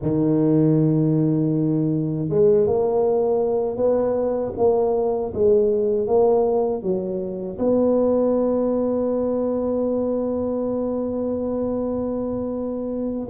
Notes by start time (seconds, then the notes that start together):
0.02 D#3
2.29 G#3
2.66 A#3
3.77 B3
4.57 A#3
5.34 G#3
6.07 A#3
6.82 F#3
7.58 B3